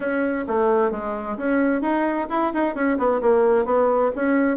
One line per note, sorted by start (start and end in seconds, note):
0.00 0.45 C#4
0.47 0.91 A3
0.91 1.37 G#3
1.37 1.81 C#4
1.81 2.27 D#4
2.29 2.52 E4
2.53 2.74 D#4
2.74 2.97 C#4
2.98 3.20 B3
3.21 3.65 A#3
3.65 4.11 B3
4.15 4.57 C#4